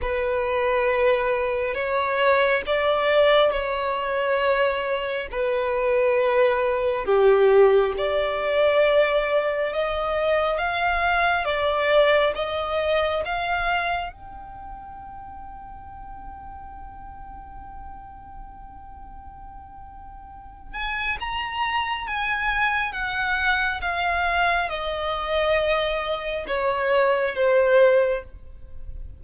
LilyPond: \new Staff \with { instrumentName = "violin" } { \time 4/4 \tempo 4 = 68 b'2 cis''4 d''4 | cis''2 b'2 | g'4 d''2 dis''4 | f''4 d''4 dis''4 f''4 |
g''1~ | g''2.~ g''8 gis''8 | ais''4 gis''4 fis''4 f''4 | dis''2 cis''4 c''4 | }